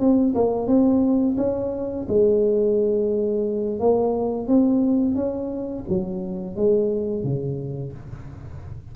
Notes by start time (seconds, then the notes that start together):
0.00 C4
0.35 A#3
0.67 C4
1.37 C#4
2.08 G#3
3.79 A#3
4.48 C4
5.15 C#4
5.88 F#3
6.56 G#3
7.24 C#3